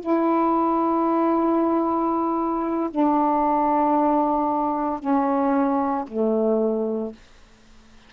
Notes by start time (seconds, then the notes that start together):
0.00 E4
2.90 D4
5.00 C#4
6.07 A3